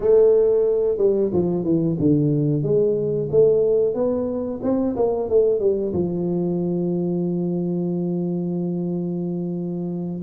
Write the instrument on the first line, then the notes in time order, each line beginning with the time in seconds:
tuba
0.00 A3
0.97 G3
1.32 F3
1.64 E3
1.99 D3
2.63 G#3
3.31 A3
3.94 B3
4.62 C4
4.96 A#3
5.29 A3
5.59 G3
5.93 F3